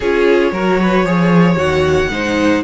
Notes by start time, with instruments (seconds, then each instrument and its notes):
0.00 cello C#4, viola F4, violin G#4 C#5
0.52 cello F#3, viola F#4, violin A#4
0.81 violin B4
1.04 cello F3, viola G#4, violin C#5
1.56 cello D#2, viola F#4, violin F#5
2.10 cello G#2, viola D#4, violin C5